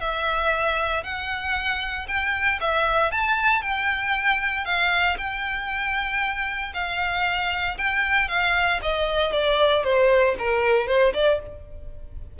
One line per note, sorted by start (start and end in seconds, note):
0.00 1.03 E5
1.03 2.07 F#5
2.08 2.59 G5
2.60 3.11 E5
3.11 3.62 A5
3.62 4.65 G5
4.65 5.17 F5
5.18 6.73 G5
6.74 7.77 F5
7.78 8.28 G5
8.28 8.80 F5
8.82 9.32 D#5
9.32 9.83 D5
9.83 10.35 C5
10.38 10.87 A#4
10.87 11.13 C5
11.13 11.39 D5